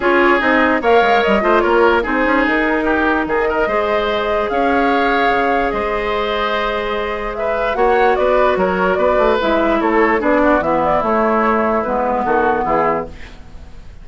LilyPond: <<
  \new Staff \with { instrumentName = "flute" } { \time 4/4 \tempo 4 = 147 cis''4 dis''4 f''4 dis''4 | cis''4 c''4 ais'2 | dis''2. f''4~ | f''2 dis''2~ |
dis''2 e''4 fis''4 | d''4 cis''4 d''4 e''4 | cis''4 d''4 e''8 d''8 cis''4~ | cis''4 b'4 a'4 gis'4 | }
  \new Staff \with { instrumentName = "oboe" } { \time 4/4 gis'2 cis''4. c''8 | ais'4 gis'2 g'4 | gis'8 ais'8 c''2 cis''4~ | cis''2 c''2~ |
c''2 b'4 cis''4 | b'4 ais'4 b'2 | a'4 gis'8 fis'8 e'2~ | e'2 fis'4 e'4 | }
  \new Staff \with { instrumentName = "clarinet" } { \time 4/4 f'4 dis'4 ais'4. f'8~ | f'4 dis'2.~ | dis'4 gis'2.~ | gis'1~ |
gis'2. fis'4~ | fis'2. e'4~ | e'4 d'4 b4 a4~ | a4 b2. | }
  \new Staff \with { instrumentName = "bassoon" } { \time 4/4 cis'4 c'4 ais8 gis8 g8 a8 | ais4 c'8 cis'8 dis'2 | dis4 gis2 cis'4~ | cis'4 cis4 gis2~ |
gis2. ais4 | b4 fis4 b8 a8 gis4 | a4 b4 e4 a4~ | a4 gis4 dis4 e4 | }
>>